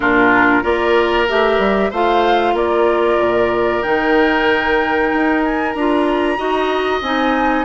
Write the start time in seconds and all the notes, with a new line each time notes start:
0.00 A#2 D4 F4 A#4
0.62 A#3 F4 A#4 D5
1.28 A3 G4 E5
1.58 G3
1.90 A3 F4 C5 F5
2.53 A#3 A#4 D5
3.18 A#2
3.82 D#3 D#4 G5
5.13 D#4
5.43 G#5
5.72 D4 A#5
5.78 F4
6.37 D#4 F#4 D#5
7.01 C4 D#4 G#5